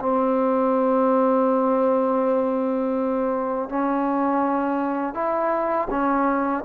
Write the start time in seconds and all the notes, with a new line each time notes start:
0.00 C4
3.69 C#4
5.14 E4
5.91 C#4